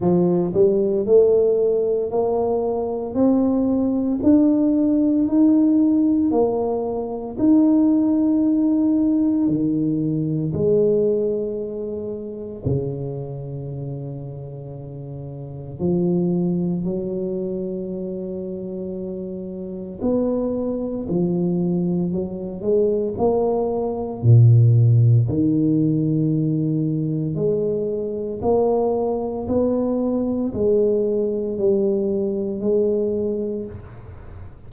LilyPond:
\new Staff \with { instrumentName = "tuba" } { \time 4/4 \tempo 4 = 57 f8 g8 a4 ais4 c'4 | d'4 dis'4 ais4 dis'4~ | dis'4 dis4 gis2 | cis2. f4 |
fis2. b4 | f4 fis8 gis8 ais4 ais,4 | dis2 gis4 ais4 | b4 gis4 g4 gis4 | }